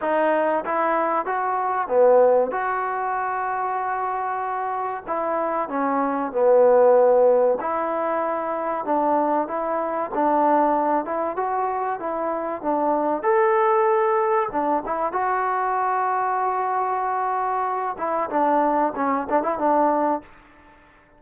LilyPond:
\new Staff \with { instrumentName = "trombone" } { \time 4/4 \tempo 4 = 95 dis'4 e'4 fis'4 b4 | fis'1 | e'4 cis'4 b2 | e'2 d'4 e'4 |
d'4. e'8 fis'4 e'4 | d'4 a'2 d'8 e'8 | fis'1~ | fis'8 e'8 d'4 cis'8 d'16 e'16 d'4 | }